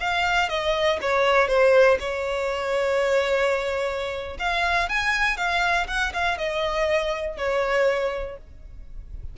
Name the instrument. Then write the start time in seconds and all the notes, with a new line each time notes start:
violin
0.00 F5
0.49 D#5
1.01 C#5
1.47 C5
2.00 C#5
4.39 F5
4.89 G#5
5.37 F5
5.87 F#5
6.13 F5
6.38 D#5
7.37 C#5